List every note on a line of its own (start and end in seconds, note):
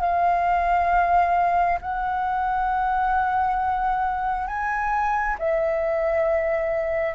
0.00 1.79 F5
1.81 4.47 F#5
4.47 5.36 G#5
5.39 7.14 E5